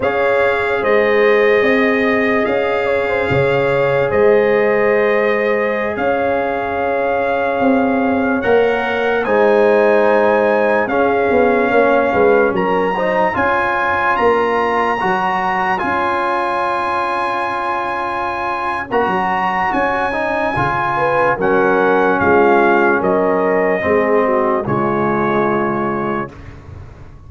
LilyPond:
<<
  \new Staff \with { instrumentName = "trumpet" } { \time 4/4 \tempo 4 = 73 f''4 dis''2 f''4~ | f''4 dis''2~ dis''16 f''8.~ | f''2~ f''16 fis''4 gis''8.~ | gis''4~ gis''16 f''2 ais''8.~ |
ais''16 gis''4 ais''2 gis''8.~ | gis''2. ais''4 | gis''2 fis''4 f''4 | dis''2 cis''2 | }
  \new Staff \with { instrumentName = "horn" } { \time 4/4 cis''4 c''4 dis''4. cis''16 c''16 | cis''4 c''2~ c''16 cis''8.~ | cis''2.~ cis''16 c''8.~ | c''4~ c''16 gis'4 cis''8 b'8 ais'8 c''16~ |
c''16 cis''2.~ cis''8.~ | cis''1~ | cis''4. b'8 ais'4 f'4 | ais'4 gis'8 fis'8 f'2 | }
  \new Staff \with { instrumentName = "trombone" } { \time 4/4 gis'1~ | gis'1~ | gis'2~ gis'16 ais'4 dis'8.~ | dis'4~ dis'16 cis'2~ cis'8 dis'16~ |
dis'16 f'2 fis'4 f'8.~ | f'2. fis'4~ | fis'8 dis'8 f'4 cis'2~ | cis'4 c'4 gis2 | }
  \new Staff \with { instrumentName = "tuba" } { \time 4/4 cis'4 gis4 c'4 cis'4 | cis4 gis2~ gis16 cis'8.~ | cis'4~ cis'16 c'4 ais4 gis8.~ | gis4~ gis16 cis'8 b8 ais8 gis8 fis8.~ |
fis16 cis'4 ais4 fis4 cis'8.~ | cis'2. ais16 fis8. | cis'4 cis4 fis4 gis4 | fis4 gis4 cis2 | }
>>